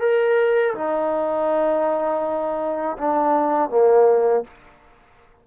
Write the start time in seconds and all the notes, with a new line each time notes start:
0.00 A#4
0.75 D#4
2.98 D4
3.70 A#3